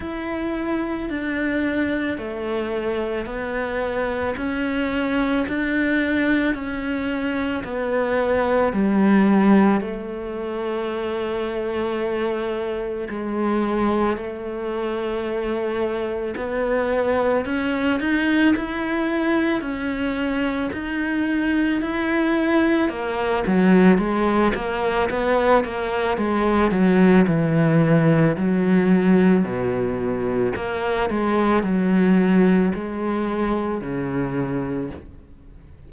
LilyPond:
\new Staff \with { instrumentName = "cello" } { \time 4/4 \tempo 4 = 55 e'4 d'4 a4 b4 | cis'4 d'4 cis'4 b4 | g4 a2. | gis4 a2 b4 |
cis'8 dis'8 e'4 cis'4 dis'4 | e'4 ais8 fis8 gis8 ais8 b8 ais8 | gis8 fis8 e4 fis4 b,4 | ais8 gis8 fis4 gis4 cis4 | }